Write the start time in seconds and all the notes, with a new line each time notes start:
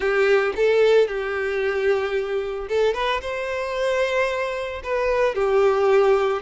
0.00 G4
0.56 A4
1.07 G4
2.68 A4
2.93 B4
3.21 C5
4.83 B4
5.34 G4